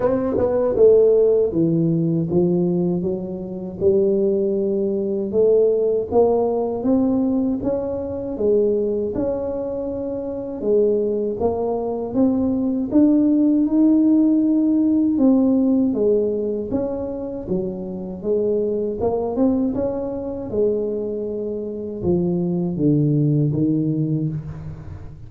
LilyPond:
\new Staff \with { instrumentName = "tuba" } { \time 4/4 \tempo 4 = 79 c'8 b8 a4 e4 f4 | fis4 g2 a4 | ais4 c'4 cis'4 gis4 | cis'2 gis4 ais4 |
c'4 d'4 dis'2 | c'4 gis4 cis'4 fis4 | gis4 ais8 c'8 cis'4 gis4~ | gis4 f4 d4 dis4 | }